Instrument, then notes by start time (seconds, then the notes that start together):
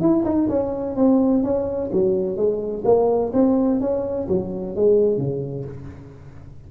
tuba
0.00 E4
0.24 D#4
0.49 C#4
0.95 C4
1.43 C#4
1.92 F#3
2.36 G#3
2.84 A#3
3.33 C4
3.80 C#4
4.28 F#3
4.75 G#3
5.17 C#3